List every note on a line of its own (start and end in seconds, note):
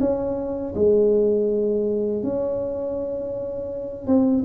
0.00 0.74 C#4
0.75 2.23 G#3
2.23 4.07 C#4
4.07 4.43 C4